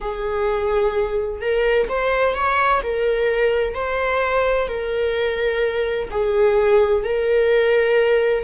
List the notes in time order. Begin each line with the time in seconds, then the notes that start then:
0.00 G#4
1.41 A#4
1.88 C5
2.34 C#5
2.83 A#4
3.74 C5
4.68 A#4
6.11 G#4
7.04 A#4